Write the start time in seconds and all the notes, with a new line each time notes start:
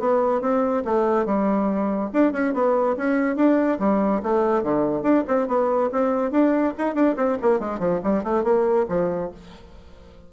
0.00 B3
0.41 C4
0.85 A3
1.26 G3
2.13 D4
2.33 C#4
2.54 B3
2.97 C#4
3.36 D4
3.80 G3
4.23 A3
4.63 D3
5.03 D4
5.28 C4
5.48 B3
5.92 C4
6.31 D4
6.78 D#4
6.95 D4
7.17 C4
7.42 A#3
7.60 G#3
7.80 F3
8.04 G3
8.24 A3
8.44 A#3
8.89 F3